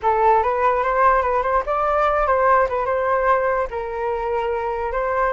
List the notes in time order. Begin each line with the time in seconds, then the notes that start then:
0.02 A4
0.42 B4
0.83 C5
1.21 B4
1.42 C5
1.66 D5
2.26 C5
2.68 B4
2.85 C5
3.70 A#4
4.91 C5